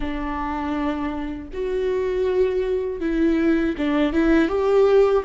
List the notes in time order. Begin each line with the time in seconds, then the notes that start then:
0.00 D4
1.53 F#4
3.00 E4
3.77 D4
4.12 E4
4.48 G4